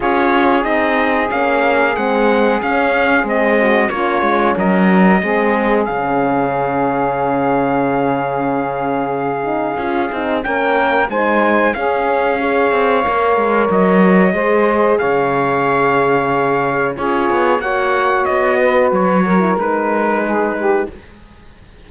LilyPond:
<<
  \new Staff \with { instrumentName = "trumpet" } { \time 4/4 \tempo 4 = 92 cis''4 dis''4 f''4 fis''4 | f''4 dis''4 cis''4 dis''4~ | dis''4 f''2.~ | f''1 |
g''4 gis''4 f''2~ | f''4 dis''2 f''4~ | f''2 cis''4 fis''4 | dis''4 cis''4 b'2 | }
  \new Staff \with { instrumentName = "saxophone" } { \time 4/4 gis'1~ | gis'4. fis'8 f'4 ais'4 | gis'1~ | gis'1 |
ais'4 c''4 gis'4 cis''4~ | cis''2 c''4 cis''4~ | cis''2 gis'4 cis''4~ | cis''8 b'4 ais'4. gis'8 g'8 | }
  \new Staff \with { instrumentName = "horn" } { \time 4/4 f'4 dis'4 cis'4 c'4 | cis'4 c'4 cis'2 | c'4 cis'2.~ | cis'2~ cis'8 dis'8 f'8 dis'8 |
cis'4 dis'4 cis'4 gis'4 | ais'2 gis'2~ | gis'2 f'4 fis'4~ | fis'4.~ fis'16 e'16 dis'2 | }
  \new Staff \with { instrumentName = "cello" } { \time 4/4 cis'4 c'4 ais4 gis4 | cis'4 gis4 ais8 gis8 fis4 | gis4 cis2.~ | cis2. cis'8 c'8 |
ais4 gis4 cis'4. c'8 | ais8 gis8 fis4 gis4 cis4~ | cis2 cis'8 b8 ais4 | b4 fis4 gis2 | }
>>